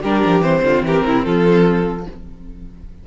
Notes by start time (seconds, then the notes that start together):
0.00 G3 D4 G4 A#4
0.25 F3
0.41 E3 C4 C5
0.62 D3 F4
0.82 E3 G4 A#4
1.05 C3 E4
1.25 F3 F4 A4